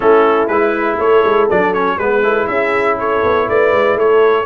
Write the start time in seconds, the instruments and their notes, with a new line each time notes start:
0.00 tuba A3, trombone C#4, horn E4, trumpet A4
0.47 tuba G#3, trombone E4, trumpet B4
0.98 tuba A3, horn A4, trumpet C#5
1.24 tuba G#3
1.49 tuba F#3, trombone D4, trumpet D5
1.73 trombone C#4, trumpet C#5
1.97 tuba G#3, trombone B3, horn B4, trumpet B4
2.22 trombone E4, horn A4
2.47 tuba C#4, horn G#4, trumpet E5
2.99 horn A4, trumpet C#5
3.23 tuba B3
3.48 tuba A3, horn B4, trumpet D5
3.71 tuba G#3
3.95 tuba A3, horn A4, trumpet C#5